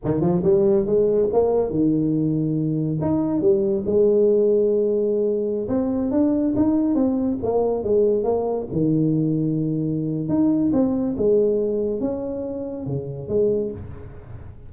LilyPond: \new Staff \with { instrumentName = "tuba" } { \time 4/4 \tempo 4 = 140 dis8 f8 g4 gis4 ais4 | dis2. dis'4 | g4 gis2.~ | gis4~ gis16 c'4 d'4 dis'8.~ |
dis'16 c'4 ais4 gis4 ais8.~ | ais16 dis2.~ dis8. | dis'4 c'4 gis2 | cis'2 cis4 gis4 | }